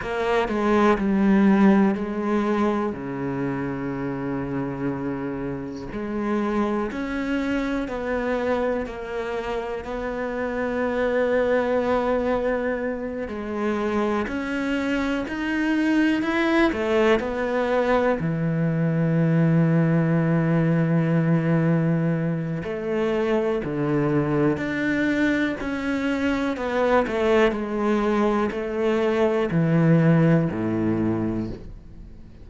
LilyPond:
\new Staff \with { instrumentName = "cello" } { \time 4/4 \tempo 4 = 61 ais8 gis8 g4 gis4 cis4~ | cis2 gis4 cis'4 | b4 ais4 b2~ | b4. gis4 cis'4 dis'8~ |
dis'8 e'8 a8 b4 e4.~ | e2. a4 | d4 d'4 cis'4 b8 a8 | gis4 a4 e4 a,4 | }